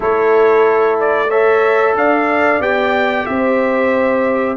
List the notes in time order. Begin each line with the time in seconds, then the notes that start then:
0.00 A3 E4 A4 C#5
0.99 D5
1.28 A4 C#5 E5
1.94 D4 D5 F5
2.59 B3 G4 G5
3.26 C4 C5 E5